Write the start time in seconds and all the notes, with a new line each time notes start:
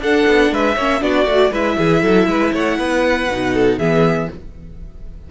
0.00 D4 A4 F#5
0.27 B3
0.51 G#3 B4 E5
0.75 A#3 C#4 C#5
1.01 B3 D4 F#4 D5
1.26 A3 F#4
1.52 G#3 E4 B4 E5
1.78 E3 G#4
2.03 F#3 A4
2.27 G#3 B4
2.53 A3 C#5 F#5
2.78 B3 B4
3.31 B2 D#4
3.54 A4
3.78 E3 B3 G#4 E5